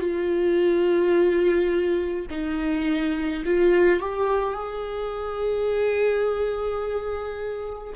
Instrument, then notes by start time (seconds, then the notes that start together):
viola
0.00 F4
2.30 D#4
3.45 F4
4.00 G4
4.54 G#4